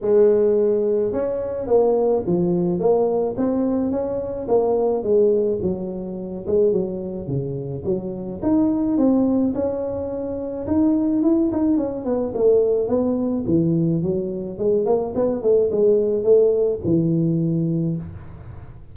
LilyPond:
\new Staff \with { instrumentName = "tuba" } { \time 4/4 \tempo 4 = 107 gis2 cis'4 ais4 | f4 ais4 c'4 cis'4 | ais4 gis4 fis4. gis8 | fis4 cis4 fis4 dis'4 |
c'4 cis'2 dis'4 | e'8 dis'8 cis'8 b8 a4 b4 | e4 fis4 gis8 ais8 b8 a8 | gis4 a4 e2 | }